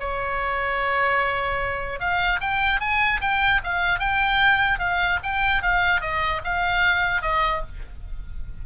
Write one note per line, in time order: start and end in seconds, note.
0.00 2.00 C#5
2.00 2.40 F5
2.41 2.80 G5
2.80 3.20 G#5
3.21 3.61 G5
3.64 3.99 F5
3.99 4.79 G5
4.79 5.19 F5
5.23 5.62 G5
5.62 6.01 F5
6.01 6.41 D#5
6.44 7.22 F5
7.22 7.62 D#5